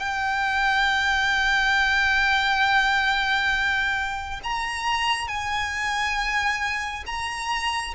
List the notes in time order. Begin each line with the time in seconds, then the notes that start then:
0.00 G5
4.44 A#5
5.28 G#5
7.06 A#5